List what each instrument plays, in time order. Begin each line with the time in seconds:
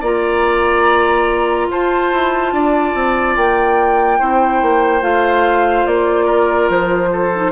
0.00 bassoon A#3, clarinet F4, oboe D5, flute A#5
1.70 bassoon F4, oboe C5, flute A5
2.12 bassoon E4
2.52 bassoon D4, oboe D5
2.94 bassoon C4
3.36 bassoon A#3, flute G5
4.19 bassoon C4, clarinet E4, oboe C5
4.62 bassoon A#3
5.01 bassoon A3, clarinet F4, flute F5
5.86 bassoon A#3, flute D5
6.25 oboe A#4
6.69 bassoon F3, flute C5
7.12 oboe A4
7.35 clarinet D#4